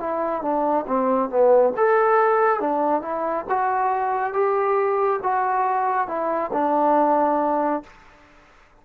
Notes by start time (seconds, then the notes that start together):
0.00 E4
0.42 D4
0.87 C4
1.30 B3
1.77 A4
2.60 D4
3.02 E4
3.49 F#4
4.33 G4
5.23 F#4
6.08 E4
6.53 D4